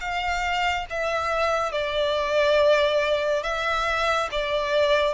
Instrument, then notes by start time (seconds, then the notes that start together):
violin
0.00 F5
0.90 E5
1.72 D5
3.43 E5
4.31 D5